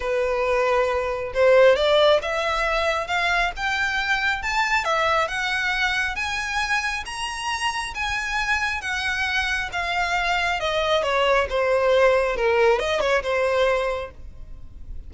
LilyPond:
\new Staff \with { instrumentName = "violin" } { \time 4/4 \tempo 4 = 136 b'2. c''4 | d''4 e''2 f''4 | g''2 a''4 e''4 | fis''2 gis''2 |
ais''2 gis''2 | fis''2 f''2 | dis''4 cis''4 c''2 | ais'4 dis''8 cis''8 c''2 | }